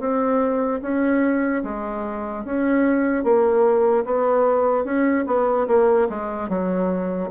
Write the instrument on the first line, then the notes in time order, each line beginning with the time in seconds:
bassoon
0.00 C4
0.82 C#4
1.64 G#3
2.45 C#4
3.24 A#3
4.05 B3
4.85 C#4
5.27 B3
5.68 A#3
6.10 G#3
6.49 F#3